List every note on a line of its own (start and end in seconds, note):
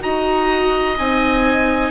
0.00 0.98 D#4
0.00 0.95 F#4
0.00 1.90 D#5
0.00 0.98 A#5
0.98 1.90 C4
0.98 1.90 D#4
0.98 1.90 G#5